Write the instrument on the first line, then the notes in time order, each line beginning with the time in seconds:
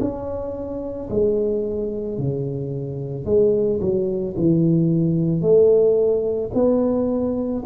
tuba
0.00 C#4
1.10 G#3
2.18 C#3
3.25 G#3
3.81 F#3
4.37 E3
5.41 A3
6.54 B3